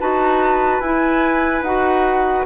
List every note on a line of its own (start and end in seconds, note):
0.00 0.81 D#4
0.00 0.82 F#4
0.00 2.47 B4
0.00 0.80 A5
0.80 1.62 E4
0.80 1.65 E4
0.80 1.62 G#5
1.62 2.44 D#4
1.62 2.47 F#4
1.62 2.46 F#5